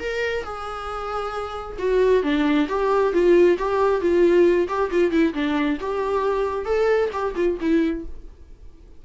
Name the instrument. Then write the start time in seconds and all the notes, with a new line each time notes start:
viola
0.00 A#4
0.44 G#4
1.79 F#4
2.23 D4
2.68 G4
3.13 F4
3.58 G4
4.01 F4
4.68 G4
4.91 F4
5.11 E4
5.34 D4
5.80 G4
6.65 A4
7.13 G4
7.35 F4
7.60 E4